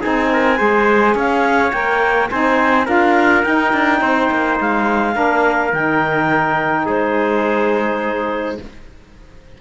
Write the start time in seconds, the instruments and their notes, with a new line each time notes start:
0.00 cello C4, saxophone D#4, trumpet G#4, clarinet G#5
0.32 trumpet A#4
0.57 cello G#3, saxophone G#4, trumpet C5
1.14 cello C#4, trumpet C#5, clarinet F5
1.71 cello A#3, saxophone A#4, clarinet G5
2.30 cello C4, saxophone D#4, trumpet C5, clarinet G#5
2.85 cello D4, saxophone F4, trumpet A#4, clarinet F5
3.43 saxophone D#4, cello D#4, clarinet G5
3.72 cello D4
4.00 cello C4, trumpet C5
4.31 cello A#3
4.59 cello G#3, clarinet F5
5.13 cello A#3, saxophone D4, trumpet A#4
5.72 cello D#3, saxophone D#4, clarinet G5
6.85 cello G#3, trumpet G#4, clarinet C5